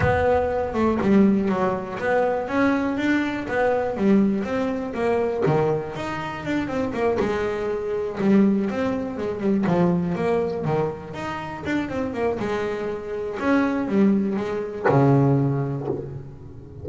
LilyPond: \new Staff \with { instrumentName = "double bass" } { \time 4/4 \tempo 4 = 121 b4. a8 g4 fis4 | b4 cis'4 d'4 b4 | g4 c'4 ais4 dis4 | dis'4 d'8 c'8 ais8 gis4.~ |
gis8 g4 c'4 gis8 g8 f8~ | f8 ais4 dis4 dis'4 d'8 | c'8 ais8 gis2 cis'4 | g4 gis4 cis2 | }